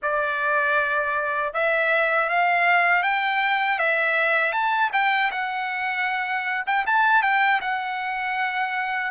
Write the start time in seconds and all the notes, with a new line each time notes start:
0.02 D5
1.53 E5
2.29 F5
3.02 G5
3.78 E5
4.52 A5
4.92 G5
5.31 F#5
6.66 G5
6.86 A5
7.22 G5
7.61 F#5